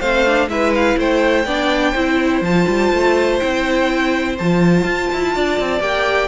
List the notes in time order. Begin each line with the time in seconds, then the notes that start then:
0.00 A3 C4 C5 F5
0.26 D4
0.48 G#3 E4 B4 E5
0.75 F5
0.97 A3 C5 G5
1.45 B3 D4 D5
1.91 C4 E4 C5
2.41 F3 F4 A5
2.68 G3
2.93 A3
3.40 C4 E4 G5
4.39 F3 F4 A5
4.84 F4
5.13 E4
5.36 D4 D5
5.60 C4
5.80 A#3 G4 G5